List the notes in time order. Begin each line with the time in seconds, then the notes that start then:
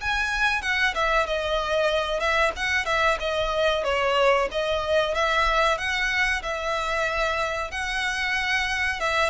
0.00 G#5
0.61 F#5
0.94 E5
1.26 D#5
2.19 E5
2.56 F#5
2.85 E5
3.19 D#5
3.84 C#5
4.51 D#5
5.14 E5
5.77 F#5
6.42 E5
7.71 F#5
9.00 E5